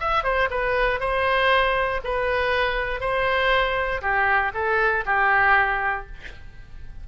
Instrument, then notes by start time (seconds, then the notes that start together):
oboe
0.00 E5
0.23 C5
0.50 B4
1.00 C5
2.04 B4
3.00 C5
4.01 G4
4.54 A4
5.06 G4